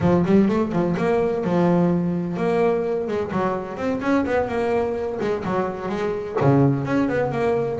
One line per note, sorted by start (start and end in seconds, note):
0.00 0.24 F3
0.25 0.48 G3
0.48 0.72 A3
0.72 0.95 F3
0.97 1.44 A#3
1.44 2.36 F3
2.36 3.07 A#3
3.07 3.31 G#3
3.31 3.77 F#3
3.77 4.00 C4
4.01 4.25 C#4
4.25 4.48 B3
4.48 5.19 A#3
5.20 5.44 G#3
5.44 5.89 F#3
5.89 6.36 G#3
6.41 6.85 C#3
6.85 7.08 C#4
7.08 7.31 B3
7.31 7.79 A#3